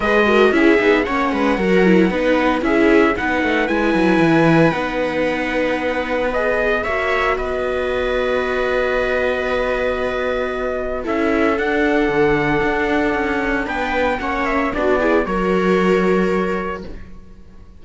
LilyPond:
<<
  \new Staff \with { instrumentName = "trumpet" } { \time 4/4 \tempo 4 = 114 dis''4 e''4 fis''2~ | fis''4 e''4 fis''4 gis''4~ | gis''4 fis''2. | dis''4 e''4 dis''2~ |
dis''1~ | dis''4 e''4 fis''2~ | fis''2 g''4 fis''8 e''8 | d''4 cis''2. | }
  \new Staff \with { instrumentName = "viola" } { \time 4/4 b'8 ais'8 gis'4 cis''8 b'8 ais'4 | b'4 gis'4 b'2~ | b'1~ | b'4 cis''4 b'2~ |
b'1~ | b'4 a'2.~ | a'2 b'4 cis''4 | fis'8 gis'8 ais'2. | }
  \new Staff \with { instrumentName = "viola" } { \time 4/4 gis'8 fis'8 e'8 dis'8 cis'4 fis'8 e'8 | dis'4 e'4 dis'4 e'4~ | e'4 dis'2. | gis'4 fis'2.~ |
fis'1~ | fis'4 e'4 d'2~ | d'2. cis'4 | d'8 e'8 fis'2. | }
  \new Staff \with { instrumentName = "cello" } { \time 4/4 gis4 cis'8 b8 ais8 gis8 fis4 | b4 cis'4 b8 a8 gis8 fis8 | e4 b2.~ | b4 ais4 b2~ |
b1~ | b4 cis'4 d'4 d4 | d'4 cis'4 b4 ais4 | b4 fis2. | }
>>